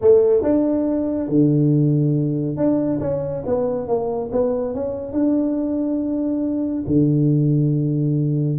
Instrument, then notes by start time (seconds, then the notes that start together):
tuba
0.01 A3
0.42 D4
1.28 D3
2.56 D4
3.00 C#4
3.46 B3
3.87 A#3
4.32 B3
4.74 C#4
5.12 D4
6.86 D3